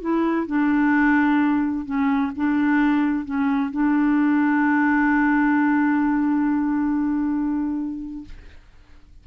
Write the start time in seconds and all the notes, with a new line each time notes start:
0.00 E4
0.47 D4
1.85 C#4
2.36 D4
3.25 C#4
3.71 D4